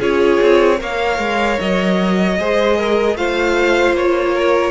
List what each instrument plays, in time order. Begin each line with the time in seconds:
0.00 cello C#4, viola F4, violin G#4 C#5
0.42 cello C4
0.77 cello A#3, viola A#4, violin C#5 F5
1.19 cello G#3
1.60 cello F#3, violin D#5
2.39 cello G#3, viola G#4, violin C5
2.78 violin A#4
3.15 cello A3, viola F4, violin C5 F5
3.93 cello A#3, violin C#5
4.34 violin A#4